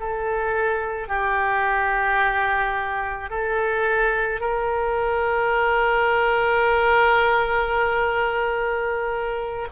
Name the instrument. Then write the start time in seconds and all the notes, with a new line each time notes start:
oboe
0.00 A4
1.08 G4
3.30 A4
4.40 A#4